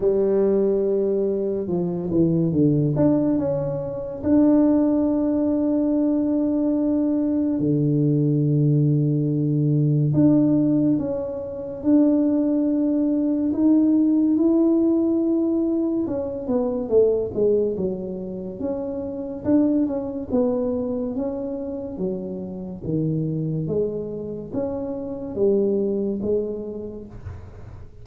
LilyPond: \new Staff \with { instrumentName = "tuba" } { \time 4/4 \tempo 4 = 71 g2 f8 e8 d8 d'8 | cis'4 d'2.~ | d'4 d2. | d'4 cis'4 d'2 |
dis'4 e'2 cis'8 b8 | a8 gis8 fis4 cis'4 d'8 cis'8 | b4 cis'4 fis4 dis4 | gis4 cis'4 g4 gis4 | }